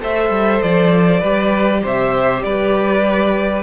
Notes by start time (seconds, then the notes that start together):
0.00 A3 A4 C5 E5
0.30 G3
0.62 F3 D5
1.20 G3 G4 B4
1.82 C3 C5 E5
2.43 G3 B4 D5